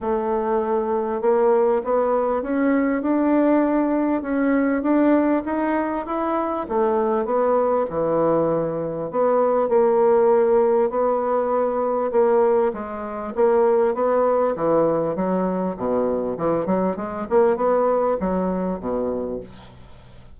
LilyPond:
\new Staff \with { instrumentName = "bassoon" } { \time 4/4 \tempo 4 = 99 a2 ais4 b4 | cis'4 d'2 cis'4 | d'4 dis'4 e'4 a4 | b4 e2 b4 |
ais2 b2 | ais4 gis4 ais4 b4 | e4 fis4 b,4 e8 fis8 | gis8 ais8 b4 fis4 b,4 | }